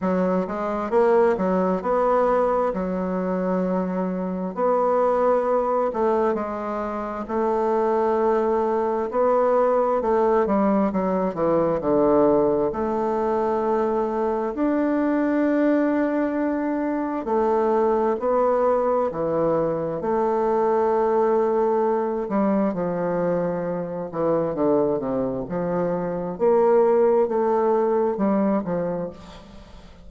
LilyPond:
\new Staff \with { instrumentName = "bassoon" } { \time 4/4 \tempo 4 = 66 fis8 gis8 ais8 fis8 b4 fis4~ | fis4 b4. a8 gis4 | a2 b4 a8 g8 | fis8 e8 d4 a2 |
d'2. a4 | b4 e4 a2~ | a8 g8 f4. e8 d8 c8 | f4 ais4 a4 g8 f8 | }